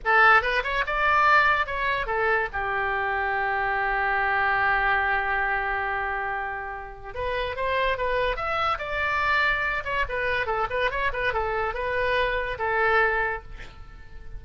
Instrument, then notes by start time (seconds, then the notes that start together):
oboe
0.05 A4
0.42 B4
0.63 C#5
0.86 D5
1.66 C#5
2.06 A4
2.53 G4
7.14 B4
7.56 C5
7.97 B4
8.36 E5
8.78 D5
9.84 C#5
10.08 B4
10.46 A4
10.70 B4
10.90 C#5
11.12 B4
11.33 A4
11.73 B4
12.58 A4